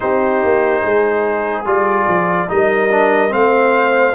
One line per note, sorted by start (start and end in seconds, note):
0.00 0.43 C4
0.00 1.65 D#4
0.00 0.82 G4
0.00 1.65 C5
0.43 0.84 A#3
0.82 1.65 G#3
0.82 2.48 G#4
1.65 2.07 G3
1.65 2.48 F4
1.65 2.49 D5
2.08 2.49 F3
2.48 3.33 G3
2.48 2.89 D#4
2.48 3.34 A#4
2.48 3.32 D#5
2.91 3.29 D4
3.29 4.15 A3
3.29 4.12 C4
3.29 4.15 C5
3.29 4.15 F5